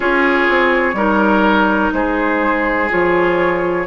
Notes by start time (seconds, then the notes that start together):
0.00 C#4 F4 G#4 C#5
0.49 C4
0.93 G3 D#4 A#4
1.93 G#3 G#4 C5
2.89 F3 F4 C#5